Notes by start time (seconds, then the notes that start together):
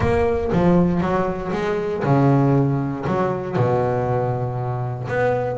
0.00 A#3
0.52 F3
1.00 F#3
1.52 G#3
2.03 C#3
3.06 F#3
3.56 B2
5.08 B3